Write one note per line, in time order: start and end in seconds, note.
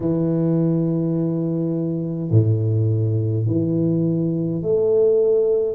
0.00 2.31 E3
2.31 3.46 A2
3.46 4.62 E3
4.62 5.75 A3